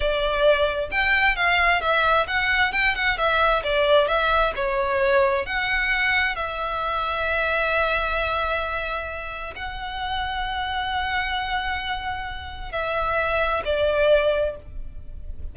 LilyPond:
\new Staff \with { instrumentName = "violin" } { \time 4/4 \tempo 4 = 132 d''2 g''4 f''4 | e''4 fis''4 g''8 fis''8 e''4 | d''4 e''4 cis''2 | fis''2 e''2~ |
e''1~ | e''4 fis''2.~ | fis''1 | e''2 d''2 | }